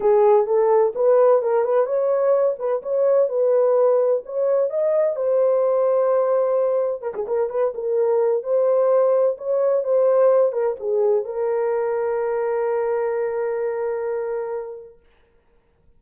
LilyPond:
\new Staff \with { instrumentName = "horn" } { \time 4/4 \tempo 4 = 128 gis'4 a'4 b'4 ais'8 b'8 | cis''4. b'8 cis''4 b'4~ | b'4 cis''4 dis''4 c''4~ | c''2. ais'16 gis'16 ais'8 |
b'8 ais'4. c''2 | cis''4 c''4. ais'8 gis'4 | ais'1~ | ais'1 | }